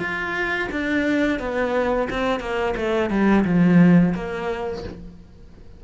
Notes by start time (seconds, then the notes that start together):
0.00 F4
0.72 D4
1.40 B3
2.10 C4
2.40 A#3
2.77 A3
3.10 G3
3.45 F3
4.15 A#3